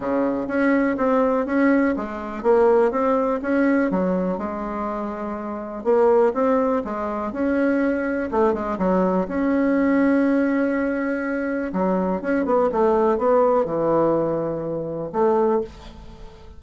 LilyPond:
\new Staff \with { instrumentName = "bassoon" } { \time 4/4 \tempo 4 = 123 cis4 cis'4 c'4 cis'4 | gis4 ais4 c'4 cis'4 | fis4 gis2. | ais4 c'4 gis4 cis'4~ |
cis'4 a8 gis8 fis4 cis'4~ | cis'1 | fis4 cis'8 b8 a4 b4 | e2. a4 | }